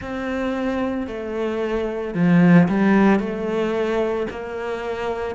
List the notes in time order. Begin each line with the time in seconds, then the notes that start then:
0.01 C4
1.07 A3
2.14 F3
2.68 G3
3.19 A3
4.30 A#3